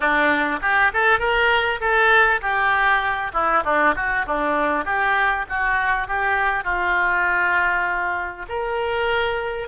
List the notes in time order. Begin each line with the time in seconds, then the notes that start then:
0.00 D4
0.61 G4
0.93 A4
1.19 A#4
1.80 A4
2.41 G4
3.33 E4
3.64 D4
3.95 F#4
4.26 D4
4.85 G4
5.49 F#4
6.07 G4
6.64 F4
8.48 A#4